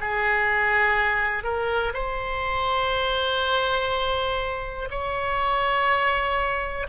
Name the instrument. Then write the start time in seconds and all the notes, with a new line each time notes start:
oboe
0.00 G#4
1.43 A#4
1.93 C5
4.90 C#5